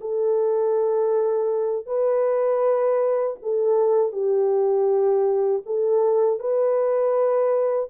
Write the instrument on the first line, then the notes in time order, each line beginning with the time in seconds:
horn
0.00 A4
1.86 B4
3.42 A4
4.12 G4
5.66 A4
6.39 B4